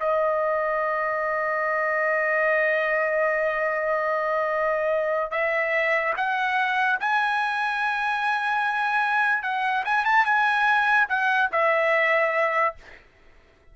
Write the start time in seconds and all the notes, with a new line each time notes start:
0.00 D#5
5.31 E5
6.17 F#5
7.00 G#5
9.43 F#5
9.85 G#5
10.05 A5
10.25 G#5
11.09 F#5
11.52 E5